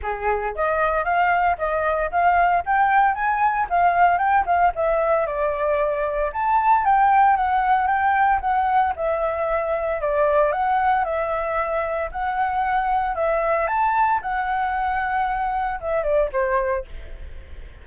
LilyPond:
\new Staff \with { instrumentName = "flute" } { \time 4/4 \tempo 4 = 114 gis'4 dis''4 f''4 dis''4 | f''4 g''4 gis''4 f''4 | g''8 f''8 e''4 d''2 | a''4 g''4 fis''4 g''4 |
fis''4 e''2 d''4 | fis''4 e''2 fis''4~ | fis''4 e''4 a''4 fis''4~ | fis''2 e''8 d''8 c''4 | }